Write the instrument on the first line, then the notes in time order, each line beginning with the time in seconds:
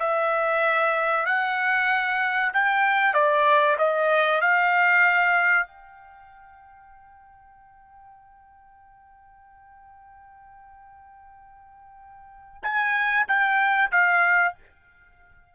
trumpet
0.00 E5
1.26 F#5
2.54 G5
3.14 D5
3.79 D#5
4.42 F5
5.67 G5
12.63 G#5
13.28 G5
13.92 F5